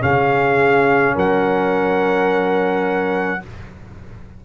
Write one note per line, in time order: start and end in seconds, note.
0.00 1.16 C#3
0.00 3.40 C#4
0.00 1.15 G#4
0.00 1.16 F5
1.15 3.43 F#3
1.15 3.41 A#4
1.15 3.45 F#5